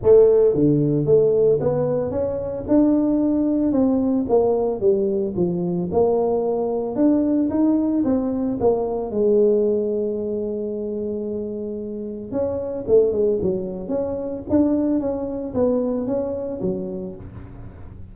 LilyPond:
\new Staff \with { instrumentName = "tuba" } { \time 4/4 \tempo 4 = 112 a4 d4 a4 b4 | cis'4 d'2 c'4 | ais4 g4 f4 ais4~ | ais4 d'4 dis'4 c'4 |
ais4 gis2.~ | gis2. cis'4 | a8 gis8 fis4 cis'4 d'4 | cis'4 b4 cis'4 fis4 | }